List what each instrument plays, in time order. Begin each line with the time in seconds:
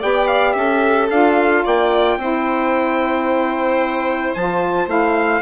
0.00 bassoon B3, saxophone G4, violin D5, trumpet G5
0.28 trumpet F5
0.53 bassoon C#4, violin A4, trumpet E5
1.10 bassoon D4, saxophone F4, trumpet F5
1.64 bassoon A#3, violin D5, trumpet G5
2.18 bassoon C4, saxophone E4, violin C5
4.34 bassoon F3, saxophone F4, trumpet A5
4.87 bassoon A3, saxophone E4, trumpet F5